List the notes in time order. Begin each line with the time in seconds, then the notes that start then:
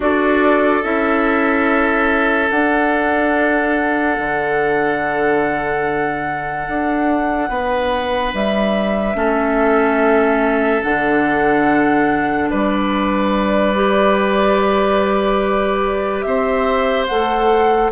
0.00 D4 F#4 A4 D5
0.83 C#4 E4 E5
2.48 D4 F#5
4.18 D3
6.68 D4
7.49 B3 B4
8.33 G3 E5
9.15 A3 C#4 A4
10.82 D3 D4 F#5
12.49 G3 B4 D5
13.74 G4
16.21 C4 C5 E5
17.07 A3 A4 F#5